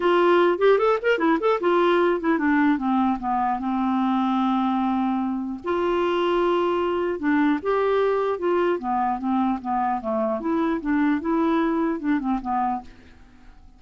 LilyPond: \new Staff \with { instrumentName = "clarinet" } { \time 4/4 \tempo 4 = 150 f'4. g'8 a'8 ais'8 e'8 a'8 | f'4. e'8 d'4 c'4 | b4 c'2.~ | c'2 f'2~ |
f'2 d'4 g'4~ | g'4 f'4 b4 c'4 | b4 a4 e'4 d'4 | e'2 d'8 c'8 b4 | }